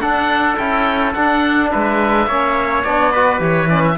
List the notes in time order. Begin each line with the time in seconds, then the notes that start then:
0.00 D4 A4 F#5
0.57 C#4 E4 G5
1.14 D4 F#5
1.72 G#3 B4 E5
2.27 A#3 C#4 C#5
2.84 B3 D4 D5
3.12 F#4 B4
3.40 E3 G4 C#5
3.69 C#4 D5
3.84 E5